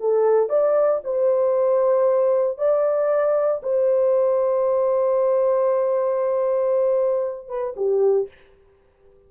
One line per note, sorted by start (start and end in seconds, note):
0.00 0.49 A4
0.49 1.01 D5
1.04 2.58 C5
2.58 3.61 D5
3.63 7.49 C5
7.49 7.74 B4
7.76 8.28 G4